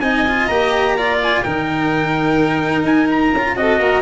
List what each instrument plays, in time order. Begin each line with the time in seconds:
0.00 tuba C4, cello D#4, violin D#5, trumpet G#5
0.28 cello F4
0.47 tuba A#3, cello G4, trumpet A#5
0.97 cello F4, violin D5
1.23 trumpet G#5
1.43 tuba D#3, cello D#4, violin A#4, trumpet G5
2.83 tuba D#4, trumpet G#5
3.10 trumpet A#5
3.33 tuba C#4, cello F4
3.56 tuba C4, cello F#4, violin A4, trumpet D#5
3.79 tuba A#3, violin A#4